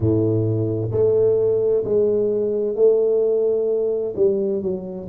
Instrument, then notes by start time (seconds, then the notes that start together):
tuba
0.00 A2
0.91 A3
1.84 G#3
2.75 A3
4.16 G3
4.62 F#3